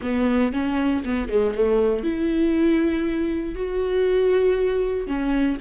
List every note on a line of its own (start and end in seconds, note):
0.02 0.52 B3
0.52 1.03 C#4
1.04 1.29 B3
1.29 1.54 G#3
1.54 2.03 A3
2.03 3.55 E4
3.55 5.07 F#4
5.07 5.58 C#4